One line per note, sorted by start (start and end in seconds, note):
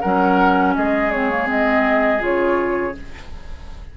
0.00 0.77 F#3
0.00 1.12 C#4
0.00 0.74 A#4
0.00 0.73 F#5
0.75 2.21 G#3
0.75 2.97 G#4
0.75 1.11 D#5
1.11 1.30 C4
1.11 1.48 C#5
1.30 1.46 A#3
1.46 2.18 C4
1.46 2.23 D#5
2.18 2.94 C#3
2.18 2.92 F4
2.18 2.97 C#5